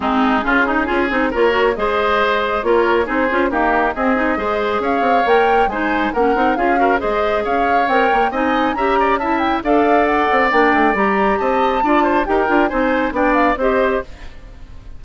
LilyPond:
<<
  \new Staff \with { instrumentName = "flute" } { \time 4/4 \tempo 4 = 137 gis'2. cis''4 | dis''2 cis''4 c''4 | ais'4 dis''2 f''4 | g''4 gis''4 fis''4 f''4 |
dis''4 f''4 g''4 gis''4 | ais''4 a''8 g''8 f''4 fis''4 | g''4 ais''4 a''2 | g''4 gis''4 g''8 f''8 dis''4 | }
  \new Staff \with { instrumentName = "oboe" } { \time 4/4 dis'4 f'8 dis'8 gis'4 ais'4 | c''2 ais'4 gis'4 | g'4 gis'4 c''4 cis''4~ | cis''4 c''4 ais'4 gis'8 ais'8 |
c''4 cis''2 dis''4 | e''8 d''8 e''4 d''2~ | d''2 dis''4 d''8 c''8 | ais'4 c''4 d''4 c''4 | }
  \new Staff \with { instrumentName = "clarinet" } { \time 4/4 c'4 cis'8 dis'8 f'8 dis'8 f'8 fis'8 | gis'2 f'4 dis'8 f'8 | ais4 c'8 dis'8 gis'2 | ais'4 dis'4 cis'8 dis'8 f'8 fis'8 |
gis'2 ais'4 dis'4 | g'4 e'4 a'2 | d'4 g'2 f'4 | g'8 f'8 dis'4 d'4 g'4 | }
  \new Staff \with { instrumentName = "bassoon" } { \time 4/4 gis4 cis4 cis'8 c'8 ais4 | gis2 ais4 c'8 cis'8 | dis'4 c'4 gis4 cis'8 c'8 | ais4 gis4 ais8 c'8 cis'4 |
gis4 cis'4 c'8 ais8 c'4 | cis'2 d'4. c'8 | ais8 a8 g4 c'4 d'4 | dis'8 d'8 c'4 b4 c'4 | }
>>